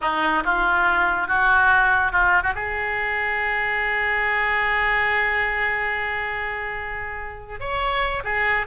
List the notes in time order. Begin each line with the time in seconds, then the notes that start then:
0.01 D#4
0.44 F4
1.27 F#4
2.12 F4
2.42 F#4
2.54 G#4
7.60 C#5
8.24 G#4